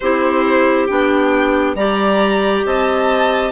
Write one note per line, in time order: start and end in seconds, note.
0.00 0.89 C4
0.00 0.88 E4
0.00 1.77 G4
0.00 0.86 C5
0.86 1.74 B3
0.86 1.76 D4
0.86 1.74 G5
1.74 2.62 G3
1.74 3.51 G4
1.74 2.65 D5
1.74 2.64 A#5
2.65 3.51 C4
2.65 3.51 D#5
2.65 3.51 A5